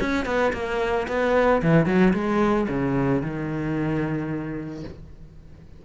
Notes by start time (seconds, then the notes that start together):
0.00 C#4
0.25 B3
0.53 A#3
1.08 B3
1.62 E3
1.86 F#3
2.13 G#3
2.69 C#3
3.21 D#3